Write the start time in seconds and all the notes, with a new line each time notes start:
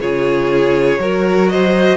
0.00 C#3 F4 G#4 C#5
0.98 F#3 F#4 A#4
1.48 C5 D#5